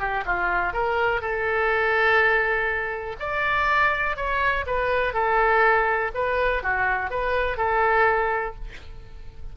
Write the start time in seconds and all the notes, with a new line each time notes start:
0.00 G4
0.26 F4
0.74 A#4
1.22 A4
3.20 D5
4.17 C#5
4.67 B4
5.14 A4
6.15 B4
6.63 F#4
7.11 B4
7.58 A4